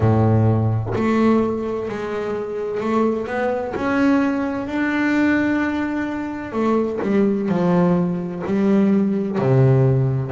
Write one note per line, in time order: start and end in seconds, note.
0.00 0.93 A2
0.95 1.88 A3
1.88 2.80 G#3
2.80 3.26 A3
3.26 3.73 B3
3.75 4.67 C#4
4.67 6.52 D4
6.52 6.99 A3
7.01 7.48 G3
7.48 8.42 F3
8.46 9.38 G3
9.38 10.31 C3